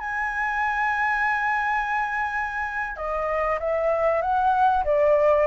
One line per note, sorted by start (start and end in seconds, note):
0.00 2.97 G#5
2.97 3.59 D#5
3.60 4.22 E5
4.22 4.84 F#5
4.85 5.47 D5